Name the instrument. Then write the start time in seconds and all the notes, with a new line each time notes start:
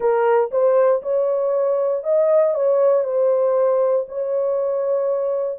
horn
0.00 A#4
0.51 C5
1.02 C#5
2.03 D#5
2.54 C#5
3.03 C5
4.08 C#5